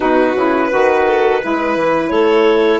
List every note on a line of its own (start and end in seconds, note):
0.00 0.36 B2
0.00 0.35 D#4
0.00 0.67 F#4
0.00 2.09 B4
0.36 0.71 C#3
0.36 0.70 E4
0.67 1.42 D#3
0.67 1.40 F#4
0.67 1.02 B4
1.06 1.41 A4
1.41 1.76 G#3
1.41 2.80 E4
1.41 2.11 B4
1.76 2.10 E3
2.09 2.80 A3
2.09 2.80 A4
2.09 2.79 C#5